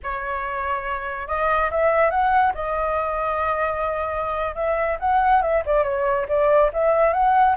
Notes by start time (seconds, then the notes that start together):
0.03 C#5
1.27 D#5
1.71 E5
2.10 F#5
2.54 D#5
4.55 E5
4.99 F#5
5.42 E5
5.65 D5
5.83 C#5
6.28 D5
6.73 E5
7.13 F#5